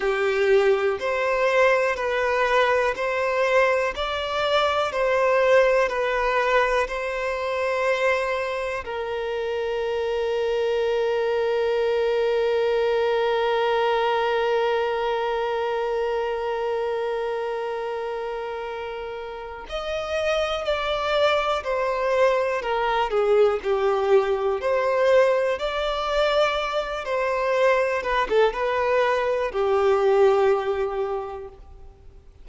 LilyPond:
\new Staff \with { instrumentName = "violin" } { \time 4/4 \tempo 4 = 61 g'4 c''4 b'4 c''4 | d''4 c''4 b'4 c''4~ | c''4 ais'2.~ | ais'1~ |
ais'1 | dis''4 d''4 c''4 ais'8 gis'8 | g'4 c''4 d''4. c''8~ | c''8 b'16 a'16 b'4 g'2 | }